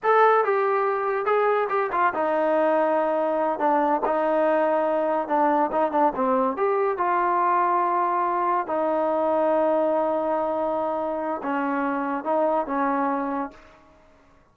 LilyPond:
\new Staff \with { instrumentName = "trombone" } { \time 4/4 \tempo 4 = 142 a'4 g'2 gis'4 | g'8 f'8 dis'2.~ | dis'8 d'4 dis'2~ dis'8~ | dis'8 d'4 dis'8 d'8 c'4 g'8~ |
g'8 f'2.~ f'8~ | f'8 dis'2.~ dis'8~ | dis'2. cis'4~ | cis'4 dis'4 cis'2 | }